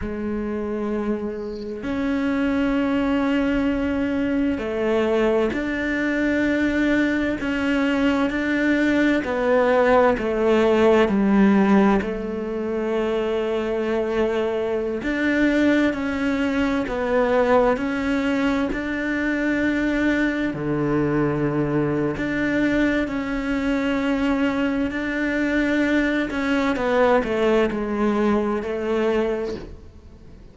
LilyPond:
\new Staff \with { instrumentName = "cello" } { \time 4/4 \tempo 4 = 65 gis2 cis'2~ | cis'4 a4 d'2 | cis'4 d'4 b4 a4 | g4 a2.~ |
a16 d'4 cis'4 b4 cis'8.~ | cis'16 d'2 d4.~ d16 | d'4 cis'2 d'4~ | d'8 cis'8 b8 a8 gis4 a4 | }